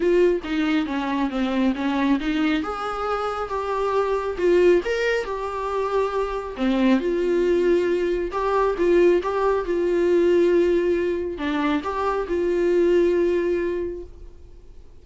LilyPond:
\new Staff \with { instrumentName = "viola" } { \time 4/4 \tempo 4 = 137 f'4 dis'4 cis'4 c'4 | cis'4 dis'4 gis'2 | g'2 f'4 ais'4 | g'2. c'4 |
f'2. g'4 | f'4 g'4 f'2~ | f'2 d'4 g'4 | f'1 | }